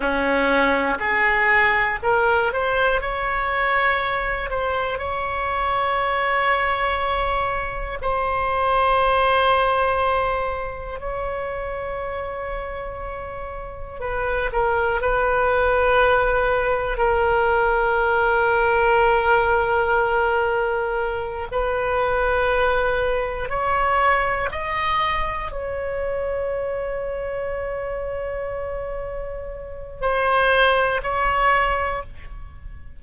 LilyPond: \new Staff \with { instrumentName = "oboe" } { \time 4/4 \tempo 4 = 60 cis'4 gis'4 ais'8 c''8 cis''4~ | cis''8 c''8 cis''2. | c''2. cis''4~ | cis''2 b'8 ais'8 b'4~ |
b'4 ais'2.~ | ais'4. b'2 cis''8~ | cis''8 dis''4 cis''2~ cis''8~ | cis''2 c''4 cis''4 | }